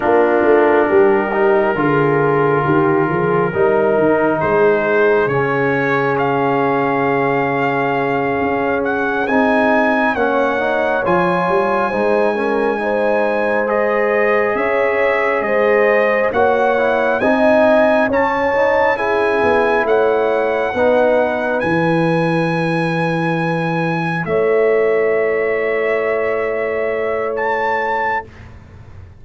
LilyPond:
<<
  \new Staff \with { instrumentName = "trumpet" } { \time 4/4 \tempo 4 = 68 ais'1~ | ais'4 c''4 cis''4 f''4~ | f''2 fis''8 gis''4 fis''8~ | fis''8 gis''2. dis''8~ |
dis''8 e''4 dis''4 fis''4 gis''8~ | gis''8 a''4 gis''4 fis''4.~ | fis''8 gis''2. e''8~ | e''2. a''4 | }
  \new Staff \with { instrumentName = "horn" } { \time 4/4 f'4 g'4 gis'4 g'8 gis'8 | ais'4 gis'2.~ | gis'2.~ gis'8 cis''8~ | cis''4. c''8 ais'8 c''4.~ |
c''8 cis''4 c''4 cis''4 dis''8~ | dis''8 cis''4 gis'4 cis''4 b'8~ | b'2.~ b'8 cis''8~ | cis''1 | }
  \new Staff \with { instrumentName = "trombone" } { \time 4/4 d'4. dis'8 f'2 | dis'2 cis'2~ | cis'2~ cis'8 dis'4 cis'8 | dis'8 f'4 dis'8 cis'8 dis'4 gis'8~ |
gis'2~ gis'8 fis'8 e'8 dis'8~ | dis'8 cis'8 dis'8 e'2 dis'8~ | dis'8 e'2.~ e'8~ | e'1 | }
  \new Staff \with { instrumentName = "tuba" } { \time 4/4 ais8 a8 g4 d4 dis8 f8 | g8 dis8 gis4 cis2~ | cis4. cis'4 c'4 ais8~ | ais8 f8 g8 gis2~ gis8~ |
gis8 cis'4 gis4 ais4 c'8~ | c'8 cis'4. b8 a4 b8~ | b8 e2. a8~ | a1 | }
>>